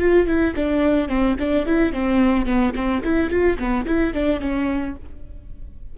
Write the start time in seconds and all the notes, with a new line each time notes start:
0.00 F4
0.27 E4
0.56 D4
1.09 C4
1.40 D4
1.66 E4
1.93 C4
2.46 B3
2.76 C4
3.04 E4
3.31 F4
3.59 B3
3.87 E4
4.14 D4
4.41 C#4